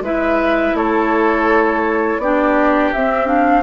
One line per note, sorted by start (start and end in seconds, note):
0.00 0.72 G#3
0.00 2.21 E4
0.00 0.76 B4
0.00 0.76 E5
0.73 2.17 A3
0.73 2.21 A4
0.73 2.19 C#5
2.17 2.90 B3
2.17 2.95 D4
2.17 3.62 G4
2.17 2.91 D5
2.92 3.62 C4
2.92 3.26 C4
2.92 3.26 E5
3.26 3.62 D4
3.26 3.62 F5